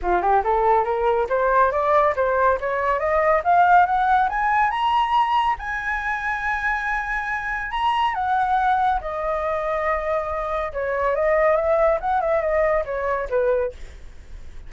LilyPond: \new Staff \with { instrumentName = "flute" } { \time 4/4 \tempo 4 = 140 f'8 g'8 a'4 ais'4 c''4 | d''4 c''4 cis''4 dis''4 | f''4 fis''4 gis''4 ais''4~ | ais''4 gis''2.~ |
gis''2 ais''4 fis''4~ | fis''4 dis''2.~ | dis''4 cis''4 dis''4 e''4 | fis''8 e''8 dis''4 cis''4 b'4 | }